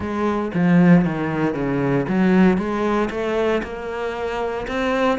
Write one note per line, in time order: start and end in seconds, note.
0.00 0.51 G#3
0.54 1.04 F3
1.04 1.54 D#3
1.54 2.05 C#3
2.08 2.57 F#3
2.57 3.09 G#3
3.10 3.62 A3
3.63 4.66 A#3
4.67 5.19 C4